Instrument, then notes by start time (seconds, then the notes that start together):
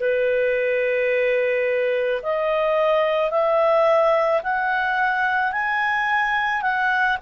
clarinet
0.00 B4
2.23 D#5
3.31 E5
4.43 F#5
5.53 G#5
6.62 F#5